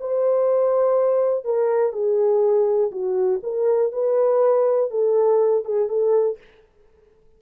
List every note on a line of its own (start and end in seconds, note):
0.00 1.44 C5
1.44 1.92 A#4
1.92 2.91 G#4
2.92 3.41 F#4
3.43 3.92 A#4
3.92 4.91 B4
4.91 5.64 A4
5.64 5.89 G#4
5.89 6.38 A4